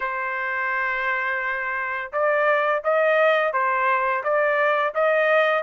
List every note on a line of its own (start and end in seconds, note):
0.00 2.11 C5
2.12 2.82 D5
2.84 3.52 D#5
3.52 4.23 C5
4.23 4.94 D5
4.94 5.63 D#5